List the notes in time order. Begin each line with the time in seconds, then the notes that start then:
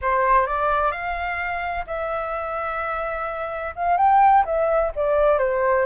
0.01 C5
0.46 D5
0.91 F5
1.86 E5
3.75 F5
3.97 G5
4.45 E5
4.95 D5
5.38 C5